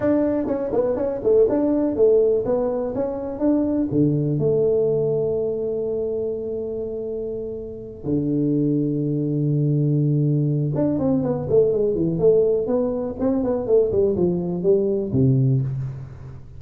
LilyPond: \new Staff \with { instrumentName = "tuba" } { \time 4/4 \tempo 4 = 123 d'4 cis'8 b8 cis'8 a8 d'4 | a4 b4 cis'4 d'4 | d4 a2.~ | a1~ |
a8 d2.~ d8~ | d2 d'8 c'8 b8 a8 | gis8 e8 a4 b4 c'8 b8 | a8 g8 f4 g4 c4 | }